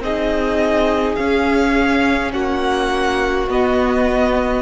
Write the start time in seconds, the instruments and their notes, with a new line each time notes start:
0.00 cello C4, viola D#4, violin G#4 D#5
1.15 viola C#4, cello C#4, violin F5
2.33 cello A#3, violin F#4 F#5
3.48 cello B3, viola B3, violin D#5